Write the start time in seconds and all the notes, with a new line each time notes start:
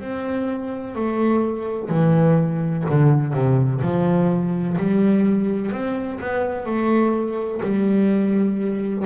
0.00 C4
0.95 A3
1.89 E3
2.90 D3
3.33 C3
3.81 F3
4.77 G3
5.72 C4
6.21 B3
6.66 A3
7.63 G3